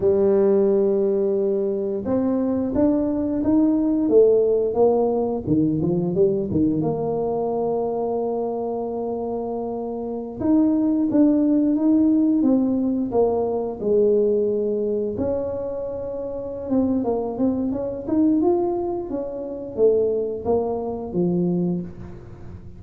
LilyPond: \new Staff \with { instrumentName = "tuba" } { \time 4/4 \tempo 4 = 88 g2. c'4 | d'4 dis'4 a4 ais4 | dis8 f8 g8 dis8 ais2~ | ais2.~ ais16 dis'8.~ |
dis'16 d'4 dis'4 c'4 ais8.~ | ais16 gis2 cis'4.~ cis'16~ | cis'8 c'8 ais8 c'8 cis'8 dis'8 f'4 | cis'4 a4 ais4 f4 | }